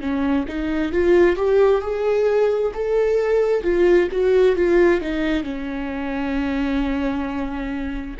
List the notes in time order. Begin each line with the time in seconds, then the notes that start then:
0.00 C#4
0.48 D#4
0.92 F4
1.36 G4
1.81 G#4
2.74 A4
3.63 F4
4.11 F#4
4.55 F4
5.01 D#4
5.43 C#4